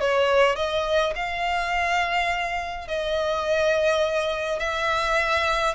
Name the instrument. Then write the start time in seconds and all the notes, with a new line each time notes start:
violin
0.00 C#5
0.56 D#5
1.15 F5
2.87 D#5
4.59 E5